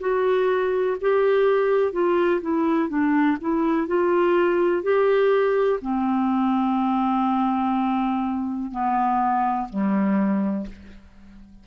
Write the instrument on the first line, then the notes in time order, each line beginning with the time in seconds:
clarinet
0.00 F#4
1.01 G4
1.93 F4
2.41 E4
2.89 D4
3.41 E4
3.88 F4
4.83 G4
5.82 C4
8.71 B3
9.70 G3